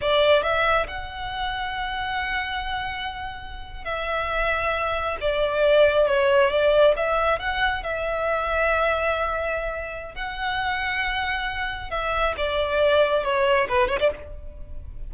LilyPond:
\new Staff \with { instrumentName = "violin" } { \time 4/4 \tempo 4 = 136 d''4 e''4 fis''2~ | fis''1~ | fis''8. e''2. d''16~ | d''4.~ d''16 cis''4 d''4 e''16~ |
e''8. fis''4 e''2~ e''16~ | e''2. fis''4~ | fis''2. e''4 | d''2 cis''4 b'8 cis''16 d''16 | }